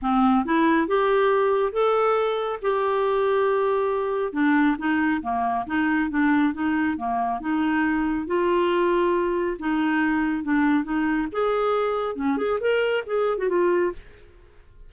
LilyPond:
\new Staff \with { instrumentName = "clarinet" } { \time 4/4 \tempo 4 = 138 c'4 e'4 g'2 | a'2 g'2~ | g'2 d'4 dis'4 | ais4 dis'4 d'4 dis'4 |
ais4 dis'2 f'4~ | f'2 dis'2 | d'4 dis'4 gis'2 | cis'8 gis'8 ais'4 gis'8. fis'16 f'4 | }